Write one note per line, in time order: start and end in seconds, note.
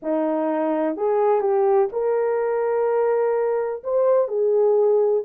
0.02 0.96 D#4
0.96 1.40 G#4
1.40 1.88 G4
1.92 3.82 A#4
3.83 4.28 C5
4.28 5.23 G#4